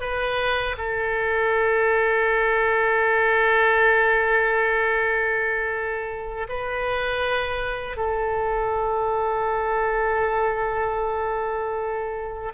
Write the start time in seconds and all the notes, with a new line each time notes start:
0.00 B4
0.78 A4
6.49 B4
7.97 A4